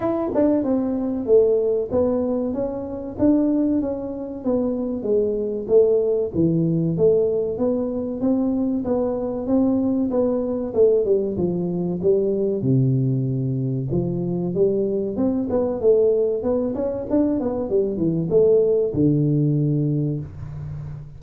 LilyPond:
\new Staff \with { instrumentName = "tuba" } { \time 4/4 \tempo 4 = 95 e'8 d'8 c'4 a4 b4 | cis'4 d'4 cis'4 b4 | gis4 a4 e4 a4 | b4 c'4 b4 c'4 |
b4 a8 g8 f4 g4 | c2 f4 g4 | c'8 b8 a4 b8 cis'8 d'8 b8 | g8 e8 a4 d2 | }